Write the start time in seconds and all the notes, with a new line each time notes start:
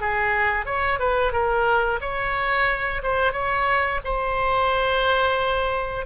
0.00 G#4
0.65 C#5
0.99 B4
1.32 A#4
2.00 C#5
3.02 C5
3.32 C#5
4.04 C5